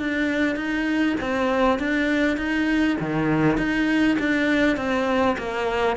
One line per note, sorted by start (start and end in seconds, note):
0.00 0.56 D4
0.56 1.16 D#4
1.21 1.79 C4
1.79 2.38 D4
2.38 2.98 D#4
3.01 3.58 D#3
3.58 4.18 D#4
4.19 4.77 D4
4.77 5.37 C4
5.38 5.97 A#3